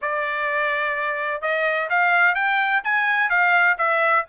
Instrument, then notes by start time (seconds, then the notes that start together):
trumpet
0.01 D5
1.41 D#5
1.89 F5
2.35 G5
2.84 G#5
3.29 F5
3.78 E5